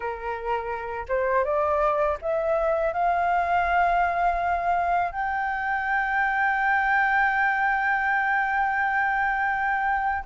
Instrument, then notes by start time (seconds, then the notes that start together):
flute
0.00 A#4
1.08 C5
1.44 D5
2.21 E5
2.93 F5
5.12 G5